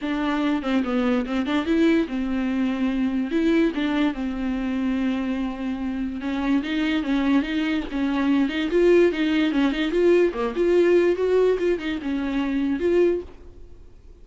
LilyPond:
\new Staff \with { instrumentName = "viola" } { \time 4/4 \tempo 4 = 145 d'4. c'8 b4 c'8 d'8 | e'4 c'2. | e'4 d'4 c'2~ | c'2. cis'4 |
dis'4 cis'4 dis'4 cis'4~ | cis'8 dis'8 f'4 dis'4 cis'8 dis'8 | f'4 ais8 f'4. fis'4 | f'8 dis'8 cis'2 f'4 | }